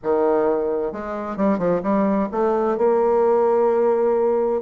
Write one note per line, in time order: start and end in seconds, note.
0.03 0.92 D#3
0.92 1.37 G#3
1.37 1.58 G3
1.58 1.81 F3
1.82 2.28 G3
2.31 2.77 A3
2.77 4.61 A#3